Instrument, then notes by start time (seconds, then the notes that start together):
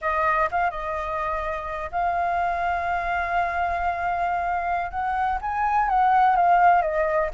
flute
0.01 D#5
0.51 F5
0.70 D#5
1.91 F5
4.90 F#5
5.41 G#5
5.88 F#5
6.36 F5
6.82 D#5